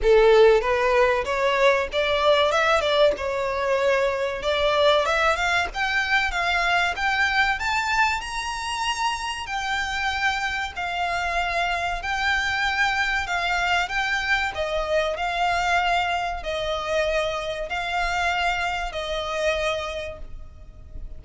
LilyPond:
\new Staff \with { instrumentName = "violin" } { \time 4/4 \tempo 4 = 95 a'4 b'4 cis''4 d''4 | e''8 d''8 cis''2 d''4 | e''8 f''8 g''4 f''4 g''4 | a''4 ais''2 g''4~ |
g''4 f''2 g''4~ | g''4 f''4 g''4 dis''4 | f''2 dis''2 | f''2 dis''2 | }